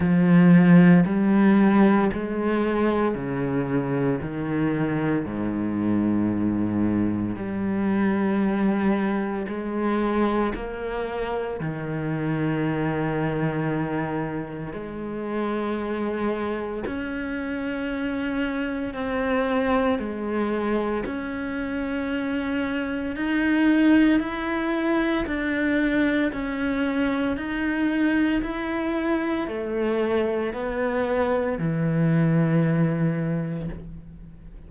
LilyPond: \new Staff \with { instrumentName = "cello" } { \time 4/4 \tempo 4 = 57 f4 g4 gis4 cis4 | dis4 gis,2 g4~ | g4 gis4 ais4 dis4~ | dis2 gis2 |
cis'2 c'4 gis4 | cis'2 dis'4 e'4 | d'4 cis'4 dis'4 e'4 | a4 b4 e2 | }